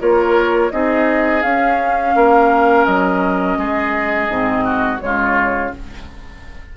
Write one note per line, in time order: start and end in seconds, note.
0.00 0.73 A#3
0.00 0.71 F4
0.00 0.73 A#4
0.00 0.72 C#5
0.71 1.44 C4
0.71 1.43 D#4
0.71 2.16 G#4
0.71 1.42 D#5
1.42 2.15 C#4
1.42 4.31 C#4
1.42 2.85 F5
2.16 2.87 A#3
2.16 3.59 A#4
2.85 3.58 F#3
2.85 5.00 D#5
3.58 4.29 G#3
3.58 4.65 G#4
4.30 5.01 G#2
4.30 4.98 C4
4.65 5.01 F#4
4.98 5.75 C#3
4.98 5.69 G#3
4.98 5.72 C#5
5.06 5.77 F4